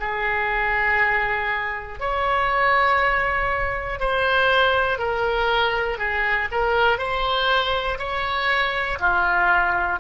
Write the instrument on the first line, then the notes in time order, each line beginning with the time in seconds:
oboe
0.00 G#4
2.00 C#5
4.00 C5
4.99 A#4
5.98 G#4
6.51 A#4
6.98 C5
7.99 C#5
9.00 F4